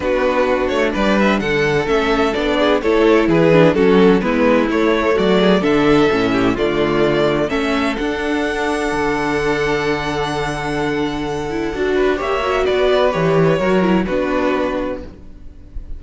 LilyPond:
<<
  \new Staff \with { instrumentName = "violin" } { \time 4/4 \tempo 4 = 128 b'4. cis''8 d''8 e''8 fis''4 | e''4 d''4 cis''4 b'4 | a'4 b'4 cis''4 d''4 | e''2 d''2 |
e''4 fis''2.~ | fis''1~ | fis''2 e''4 d''4 | cis''2 b'2 | }
  \new Staff \with { instrumentName = "violin" } { \time 4/4 fis'2 b'4 a'4~ | a'4. gis'8 a'4 gis'4 | fis'4 e'2 fis'8 gis'8 | a'4. g'8 f'2 |
a'1~ | a'1~ | a'4. b'8 cis''4 b'4~ | b'4 ais'4 fis'2 | }
  \new Staff \with { instrumentName = "viola" } { \time 4/4 d'1 | cis'4 d'4 e'4. d'8 | cis'4 b4 a2 | d'4 cis'4 a2 |
cis'4 d'2.~ | d'1~ | d'8 e'8 fis'4 g'8 fis'4. | g'4 fis'8 e'8 d'2 | }
  \new Staff \with { instrumentName = "cello" } { \time 4/4 b4. a8 g4 d4 | a4 b4 a4 e4 | fis4 gis4 a4 fis4 | d4 a,4 d2 |
a4 d'2 d4~ | d1~ | d4 d'4 ais4 b4 | e4 fis4 b2 | }
>>